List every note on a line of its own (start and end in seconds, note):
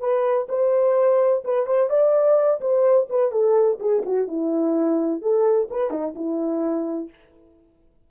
0.00 0.47 B4
0.49 1.43 C5
1.45 1.66 B4
1.66 1.89 C5
1.89 2.60 D5
2.60 3.08 C5
3.09 3.31 B4
3.31 3.79 A4
3.79 4.03 G#4
4.06 4.27 F#4
4.27 5.21 E4
5.21 5.69 A4
5.70 5.91 B4
5.91 6.14 D#4
6.15 7.10 E4